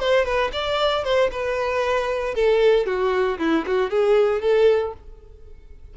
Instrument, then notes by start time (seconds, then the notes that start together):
violin
0.00 C5
0.25 B4
0.53 D5
1.04 C5
1.32 B4
2.35 A4
2.86 F#4
3.39 E4
3.67 F#4
3.90 G#4
4.42 A4